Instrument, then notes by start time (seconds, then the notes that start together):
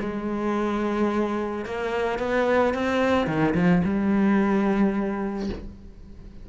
cello
0.00 G#3
1.65 A#3
2.19 B3
2.74 C4
3.27 D#3
3.54 F3
3.84 G3